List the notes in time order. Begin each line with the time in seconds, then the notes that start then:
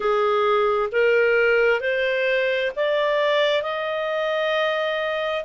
0.00 G#4
0.92 A#4
1.80 C5
2.76 D5
3.62 D#5